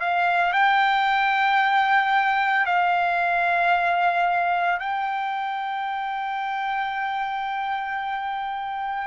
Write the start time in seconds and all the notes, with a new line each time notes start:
0.00 F5
0.53 G5
2.66 F5
4.80 G5